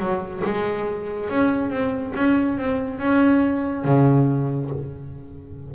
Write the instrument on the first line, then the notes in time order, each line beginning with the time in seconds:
double bass
0.00 F#3
0.45 G#3
1.30 C#4
1.71 C4
2.15 C#4
2.58 C4
2.99 C#4
3.85 C#3